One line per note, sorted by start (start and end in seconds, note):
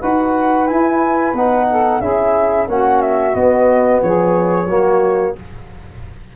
0.00 0.70 D#4
0.00 0.67 F#4
0.00 1.67 B4
0.00 0.67 F#5
0.67 1.34 E4
0.67 1.34 G#5
1.34 2.00 B3
1.34 2.02 D#4
1.34 2.01 F#5
1.71 2.01 A4
2.01 2.67 C#4
2.01 2.68 E4
2.01 2.68 G#4
2.01 2.67 E5
2.68 3.35 A#3
2.68 3.33 C#4
2.68 4.03 F#4
2.68 3.02 F#5
3.02 3.35 E5
3.33 4.66 B3
3.33 4.02 B3
3.33 4.01 D#5
4.02 4.66 F3
4.02 4.69 G#4
4.02 5.36 C#5
4.66 5.33 F#3
4.66 5.36 A#3
4.66 5.36 F#4